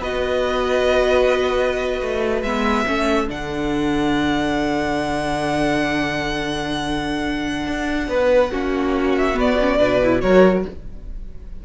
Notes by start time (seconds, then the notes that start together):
0.00 B3 F#4 B4 D#5
2.02 A3
2.43 G#3 B3 E5
2.87 A3 C#4 A4
3.28 D3 D4 F#5
7.67 D4
8.09 B3 B4
8.52 A#3 C#4 F#4
9.18 E5
9.34 B3 D5
9.60 C#4
9.78 B2 D4 B4
10.03 E4
10.21 F#3 F#4 A#4 C#5